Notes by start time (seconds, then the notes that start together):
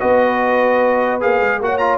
0.00 B3 F#4 B4 D#5
1.21 A#3 G#4 F5
1.41 G#3
1.60 A#3 F#4 C#5 F#5
1.78 F4 A#5